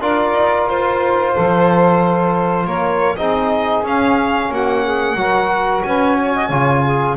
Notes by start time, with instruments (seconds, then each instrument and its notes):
0.00 double bass D4, trombone F4, saxophone A#4, violin D5
0.32 double bass D#4
0.69 double bass F4, violin C5
1.34 double bass F3, saxophone A4
2.66 double bass A#3, saxophone A#4, violin C#5
3.17 double bass C4, trombone D#4, saxophone G#4, violin D#5
3.83 double bass C#4, trombone C#4, violin F5
4.50 double bass A#3, saxophone F#4, violin F#5
4.84 saxophone G#4
5.15 double bass F#3, trombone F#4, saxophone A#4
5.83 double bass C#4, saxophone B4, violin G#5
6.17 saxophone C#5
6.35 saxophone D#5
6.48 double bass C#3, trombone F4, saxophone C#5
6.85 saxophone G#4